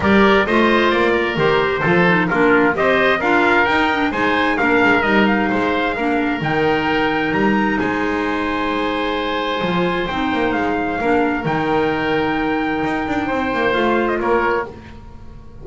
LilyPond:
<<
  \new Staff \with { instrumentName = "trumpet" } { \time 4/4 \tempo 4 = 131 d''4 dis''4 d''4 c''4~ | c''4 ais'4 dis''4 f''4 | g''4 gis''4 f''4 dis''8 f''8~ | f''2 g''2 |
ais''4 gis''2.~ | gis''2 g''4 f''4~ | f''4 g''2.~ | g''2 f''8. dis''16 cis''4 | }
  \new Staff \with { instrumentName = "oboe" } { \time 4/4 ais'4 c''4. ais'4. | a'4 f'4 c''4 ais'4~ | ais'4 c''4 ais'2 | c''4 ais'2.~ |
ais'4 c''2.~ | c''1 | ais'1~ | ais'4 c''2 ais'4 | }
  \new Staff \with { instrumentName = "clarinet" } { \time 4/4 g'4 f'2 g'4 | f'8 dis'8 d'4 g'4 f'4 | dis'8 d'8 dis'4 d'4 dis'4~ | dis'4 d'4 dis'2~ |
dis'1~ | dis'4 f'4 dis'2 | d'4 dis'2.~ | dis'2 f'2 | }
  \new Staff \with { instrumentName = "double bass" } { \time 4/4 g4 a4 ais4 dis4 | f4 ais4 c'4 d'4 | dis'4 gis4 ais8 gis8 g4 | gis4 ais4 dis2 |
g4 gis2.~ | gis4 f4 c'8 ais8 gis4 | ais4 dis2. | dis'8 d'8 c'8 ais8 a4 ais4 | }
>>